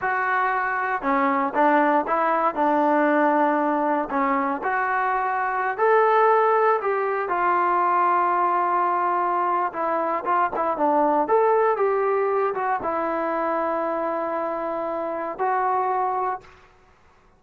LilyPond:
\new Staff \with { instrumentName = "trombone" } { \time 4/4 \tempo 4 = 117 fis'2 cis'4 d'4 | e'4 d'2. | cis'4 fis'2~ fis'16 a'8.~ | a'4~ a'16 g'4 f'4.~ f'16~ |
f'2. e'4 | f'8 e'8 d'4 a'4 g'4~ | g'8 fis'8 e'2.~ | e'2 fis'2 | }